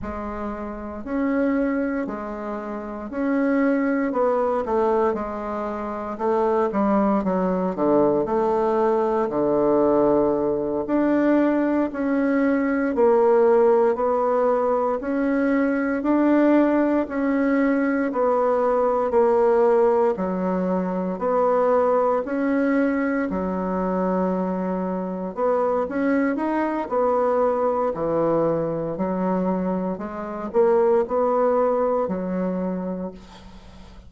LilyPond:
\new Staff \with { instrumentName = "bassoon" } { \time 4/4 \tempo 4 = 58 gis4 cis'4 gis4 cis'4 | b8 a8 gis4 a8 g8 fis8 d8 | a4 d4. d'4 cis'8~ | cis'8 ais4 b4 cis'4 d'8~ |
d'8 cis'4 b4 ais4 fis8~ | fis8 b4 cis'4 fis4.~ | fis8 b8 cis'8 dis'8 b4 e4 | fis4 gis8 ais8 b4 fis4 | }